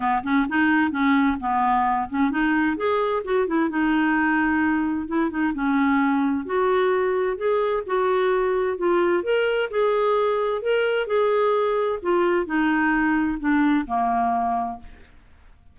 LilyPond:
\new Staff \with { instrumentName = "clarinet" } { \time 4/4 \tempo 4 = 130 b8 cis'8 dis'4 cis'4 b4~ | b8 cis'8 dis'4 gis'4 fis'8 e'8 | dis'2. e'8 dis'8 | cis'2 fis'2 |
gis'4 fis'2 f'4 | ais'4 gis'2 ais'4 | gis'2 f'4 dis'4~ | dis'4 d'4 ais2 | }